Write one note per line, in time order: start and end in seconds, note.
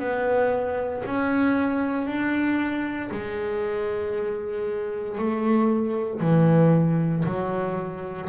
0.00 1.03 B3
1.06 2.07 C#4
2.07 3.10 D4
3.12 5.19 G#3
5.19 6.21 A3
6.21 7.24 E3
7.26 8.29 F#3